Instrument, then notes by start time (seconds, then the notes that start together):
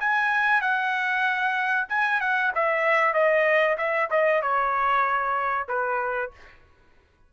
trumpet
0.00 G#5
0.61 F#5
1.89 G#5
2.20 F#5
2.55 E5
3.14 D#5
3.78 E5
4.11 D#5
4.42 C#5
5.68 B4